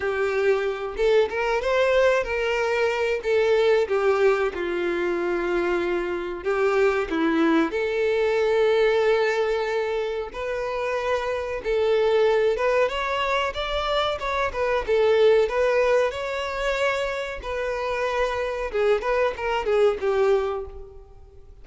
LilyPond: \new Staff \with { instrumentName = "violin" } { \time 4/4 \tempo 4 = 93 g'4. a'8 ais'8 c''4 ais'8~ | ais'4 a'4 g'4 f'4~ | f'2 g'4 e'4 | a'1 |
b'2 a'4. b'8 | cis''4 d''4 cis''8 b'8 a'4 | b'4 cis''2 b'4~ | b'4 gis'8 b'8 ais'8 gis'8 g'4 | }